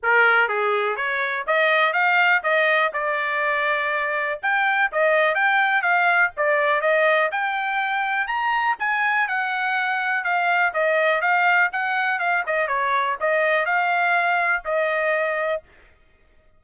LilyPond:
\new Staff \with { instrumentName = "trumpet" } { \time 4/4 \tempo 4 = 123 ais'4 gis'4 cis''4 dis''4 | f''4 dis''4 d''2~ | d''4 g''4 dis''4 g''4 | f''4 d''4 dis''4 g''4~ |
g''4 ais''4 gis''4 fis''4~ | fis''4 f''4 dis''4 f''4 | fis''4 f''8 dis''8 cis''4 dis''4 | f''2 dis''2 | }